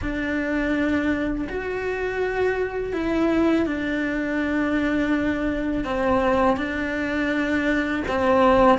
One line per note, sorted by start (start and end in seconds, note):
0.01 1.48 D4
1.48 2.92 F#4
2.92 3.66 E4
3.66 5.84 D4
5.84 6.56 C4
6.56 8.03 D4
8.08 8.78 C4